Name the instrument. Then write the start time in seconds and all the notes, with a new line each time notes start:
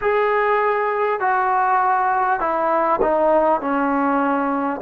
trombone
0.01 G#4
1.19 F#4
2.40 E4
3.01 D#4
3.60 C#4